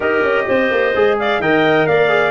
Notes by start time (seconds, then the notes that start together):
0.00 D#4 G4 A#4 D#5
0.22 C#4
0.47 C4 C5
0.70 A#3
0.95 G#3 G#4
1.19 D5 F5
1.39 D#3 A#4 D#5 G5
1.86 A#3 D5 F5
2.08 G#4